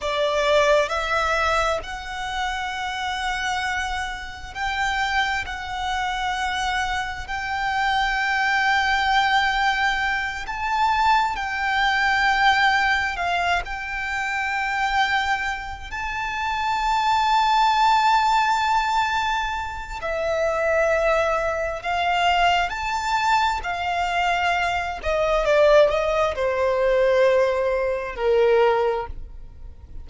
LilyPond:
\new Staff \with { instrumentName = "violin" } { \time 4/4 \tempo 4 = 66 d''4 e''4 fis''2~ | fis''4 g''4 fis''2 | g''2.~ g''8 a''8~ | a''8 g''2 f''8 g''4~ |
g''4. a''2~ a''8~ | a''2 e''2 | f''4 a''4 f''4. dis''8 | d''8 dis''8 c''2 ais'4 | }